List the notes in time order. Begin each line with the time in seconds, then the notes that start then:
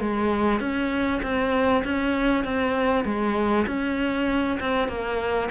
0.00 G#3
0.60 C#4
1.22 C4
1.85 C#4
2.44 C4
3.05 G#3
3.67 C#4
4.60 C4
4.88 A#3